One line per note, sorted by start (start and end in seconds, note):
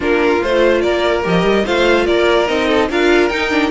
0.00 0.42 A#3
0.00 0.41 D4
0.00 0.81 F4
0.00 0.43 A#4
0.42 0.83 A3
0.42 1.23 F4
0.42 0.81 C5
0.81 1.25 A#3
0.81 1.64 A#4
0.81 1.22 D5
1.23 1.43 F3
1.23 1.64 G4
1.23 1.66 D#5
1.43 1.64 G3
1.64 2.07 A3
1.64 2.47 F4
1.64 2.05 C5
1.64 2.06 F5
2.06 2.49 A#3
2.06 2.67 A#4
2.06 2.47 D5
2.47 2.90 C4
2.47 2.88 D#4
2.47 2.89 D#5
2.67 2.88 A4
2.90 3.30 D4
2.90 3.30 F4
2.90 3.71 A#4
2.90 3.29 F5
3.29 3.50 D#4
3.29 3.71 D#4
3.29 3.70 G5
3.50 3.71 D4